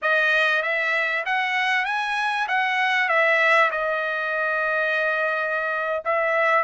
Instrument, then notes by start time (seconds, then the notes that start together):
trumpet
0.02 D#5
0.62 E5
1.25 F#5
1.85 G#5
2.47 F#5
3.08 E5
3.71 D#5
6.04 E5